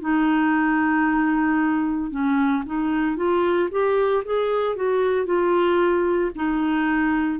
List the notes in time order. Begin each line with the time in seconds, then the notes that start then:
0.00 D#4
2.11 C#4
2.66 D#4
3.16 F4
3.70 G4
4.25 G#4
4.76 F#4
5.25 F4
6.35 D#4